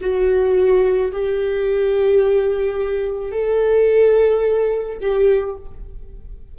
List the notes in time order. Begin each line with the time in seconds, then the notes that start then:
0.00 F#4
1.12 G4
3.31 A4
5.00 G4